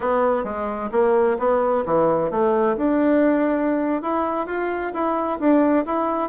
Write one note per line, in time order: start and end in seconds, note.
0.00 0.44 B3
0.44 0.90 G#3
0.91 1.37 A#3
1.38 1.84 B3
1.85 2.30 E3
2.30 2.76 A3
2.76 4.02 D4
4.02 4.46 E4
4.46 4.92 F4
4.93 5.39 E4
5.39 5.85 D4
5.85 6.29 E4